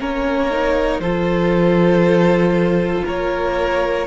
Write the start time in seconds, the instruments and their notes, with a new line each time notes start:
0.00 cello A#3, viola C#4, violin A#4 C#5
0.51 viola D#4
1.00 cello F3, viola F4, violin A4 C5
3.05 cello A#3, violin A#4 C#5